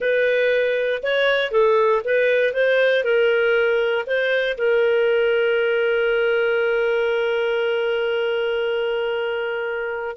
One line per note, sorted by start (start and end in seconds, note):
0.00 1.02 B4
1.02 1.51 C#5
1.51 2.02 A4
2.04 2.53 B4
2.53 3.03 C5
3.03 4.05 A#4
4.06 4.57 C5
4.57 10.16 A#4